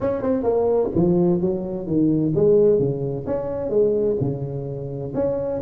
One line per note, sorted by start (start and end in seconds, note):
0.01 0.21 C#4
0.21 0.43 C4
0.43 0.89 A#3
0.94 1.41 F3
1.41 1.86 F#3
1.86 2.33 D#3
2.35 2.79 G#3
2.79 3.25 C#3
3.26 3.69 C#4
3.69 4.16 G#3
4.20 5.13 C#3
5.14 5.60 C#4